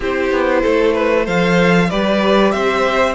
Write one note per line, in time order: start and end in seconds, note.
0.00 0.31 C4
0.00 1.25 E4
0.00 0.61 G4
0.00 1.27 C5
0.31 0.62 B3
0.62 1.27 A3
0.62 0.93 A4
0.93 1.24 B4
1.24 1.91 F3
1.24 1.88 A4
1.24 1.88 C5
1.24 1.90 F5
1.89 2.53 G3
1.89 3.15 G4
1.89 2.52 B4
1.89 2.51 D5
2.51 3.15 C4
2.51 3.15 C5
2.51 3.14 E5